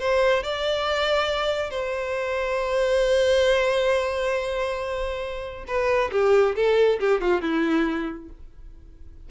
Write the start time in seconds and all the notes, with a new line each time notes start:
0.00 C5
0.43 D5
1.71 C5
5.67 B4
6.12 G4
6.56 A4
7.00 G4
7.21 F4
7.42 E4